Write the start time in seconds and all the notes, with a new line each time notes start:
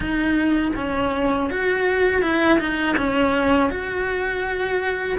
0.00 D#4
0.76 C#4
1.49 F#4
2.22 E4
2.59 D#4
2.96 C#4
3.70 F#4